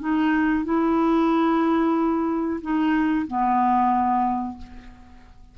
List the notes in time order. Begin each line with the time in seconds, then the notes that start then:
0.00 D#4
0.65 E4
2.61 D#4
3.28 B3